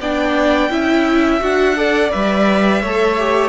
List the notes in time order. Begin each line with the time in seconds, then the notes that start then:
0.00 B3 D4 D5 G5
0.70 C#4 E4 E5
1.40 D4 F#4 F#5
1.76 A4 D5
2.11 G3 B4 E5
2.82 A3 A4 C#5
3.19 G4